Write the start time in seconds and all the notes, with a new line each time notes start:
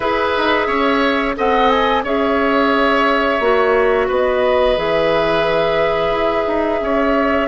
0.00 E4 G#4 B4 E5
0.37 D#4
0.67 C#4 C#5
1.36 C4 A4 D#5 F#5
1.69 G#5
2.03 C#4 G#4 C#5 E5
3.40 A#3 F#4
4.07 B3 B4 D#5
4.75 E3 G#4 E5
6.10 E4
6.47 D#4
6.81 C#4 C#5